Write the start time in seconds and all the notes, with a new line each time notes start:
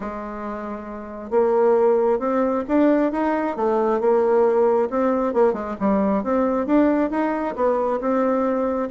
0.00 G#3
1.30 A#3
2.19 C4
2.67 D4
3.12 D#4
3.56 A3
4.00 A#3
4.89 C4
5.33 A#3
5.53 G#3
5.80 G3
6.23 C4
6.66 D4
7.10 D#4
7.55 B3
8.00 C4